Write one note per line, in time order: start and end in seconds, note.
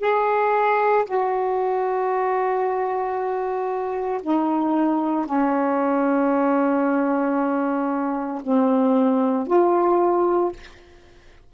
0.00 1.05 G#4
1.06 4.22 F#4
4.23 5.26 D#4
5.26 8.42 C#4
8.44 9.47 C4
9.47 10.53 F4